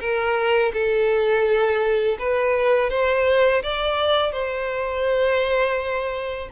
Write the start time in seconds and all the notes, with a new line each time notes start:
0.00 A#4
0.73 A4
2.19 B4
2.90 C5
3.63 D5
4.32 C5